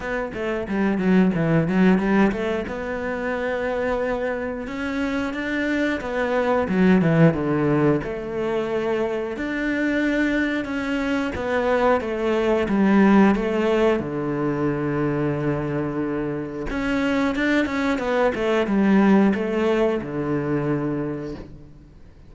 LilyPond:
\new Staff \with { instrumentName = "cello" } { \time 4/4 \tempo 4 = 90 b8 a8 g8 fis8 e8 fis8 g8 a8 | b2. cis'4 | d'4 b4 fis8 e8 d4 | a2 d'2 |
cis'4 b4 a4 g4 | a4 d2.~ | d4 cis'4 d'8 cis'8 b8 a8 | g4 a4 d2 | }